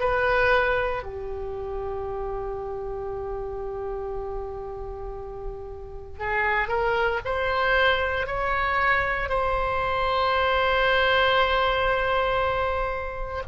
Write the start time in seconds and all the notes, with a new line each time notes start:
0.00 B4
1.03 G4
6.20 G#4
6.69 A#4
7.26 C5
8.27 C#5
9.29 C5